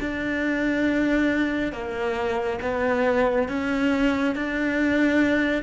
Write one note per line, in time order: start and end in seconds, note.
0.00 1.72 D4
1.72 2.59 A#3
2.62 3.49 B3
3.49 4.35 C#4
4.35 5.63 D4